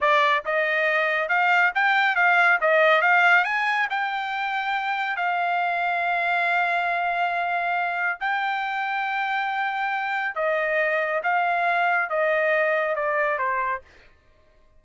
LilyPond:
\new Staff \with { instrumentName = "trumpet" } { \time 4/4 \tempo 4 = 139 d''4 dis''2 f''4 | g''4 f''4 dis''4 f''4 | gis''4 g''2. | f''1~ |
f''2. g''4~ | g''1 | dis''2 f''2 | dis''2 d''4 c''4 | }